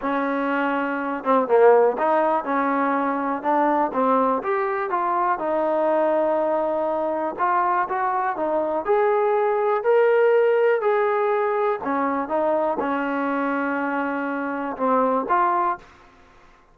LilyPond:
\new Staff \with { instrumentName = "trombone" } { \time 4/4 \tempo 4 = 122 cis'2~ cis'8 c'8 ais4 | dis'4 cis'2 d'4 | c'4 g'4 f'4 dis'4~ | dis'2. f'4 |
fis'4 dis'4 gis'2 | ais'2 gis'2 | cis'4 dis'4 cis'2~ | cis'2 c'4 f'4 | }